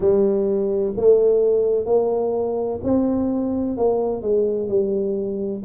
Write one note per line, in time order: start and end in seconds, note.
0.00 0.94 G3
0.96 1.85 A3
1.85 2.79 A#3
2.83 3.77 C4
3.77 4.21 A#3
4.21 4.68 G#3
4.68 5.62 G3